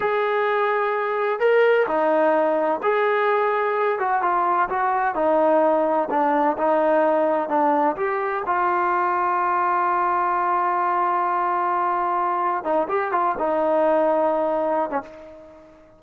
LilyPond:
\new Staff \with { instrumentName = "trombone" } { \time 4/4 \tempo 4 = 128 gis'2. ais'4 | dis'2 gis'2~ | gis'8 fis'8 f'4 fis'4 dis'4~ | dis'4 d'4 dis'2 |
d'4 g'4 f'2~ | f'1~ | f'2. dis'8 g'8 | f'8 dis'2.~ dis'16 cis'16 | }